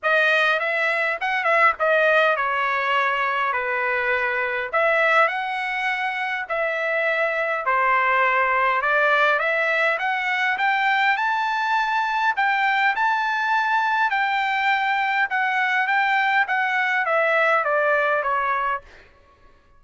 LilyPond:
\new Staff \with { instrumentName = "trumpet" } { \time 4/4 \tempo 4 = 102 dis''4 e''4 fis''8 e''8 dis''4 | cis''2 b'2 | e''4 fis''2 e''4~ | e''4 c''2 d''4 |
e''4 fis''4 g''4 a''4~ | a''4 g''4 a''2 | g''2 fis''4 g''4 | fis''4 e''4 d''4 cis''4 | }